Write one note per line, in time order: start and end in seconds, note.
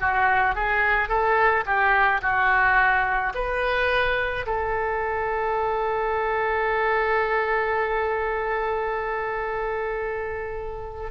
0.00 0.55 F#4
0.55 1.09 G#4
1.09 1.64 A4
1.66 2.21 G4
2.22 3.33 F#4
3.35 4.46 B4
4.46 11.11 A4